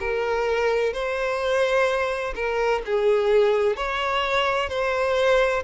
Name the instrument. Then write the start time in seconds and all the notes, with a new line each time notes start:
violin
0.00 A#4
0.93 C5
2.35 A#4
2.86 G#4
3.76 C#5
4.69 C5